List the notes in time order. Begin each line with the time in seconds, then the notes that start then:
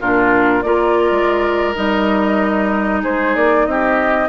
0.00 A#2 D4 F4 A#4
0.62 A#3 F4 A#4 D5
1.11 G#3
1.74 G3 D#4 D#5
3.02 G#3 G#4 C5
3.36 A#3 D5
3.66 C4 G4 D#5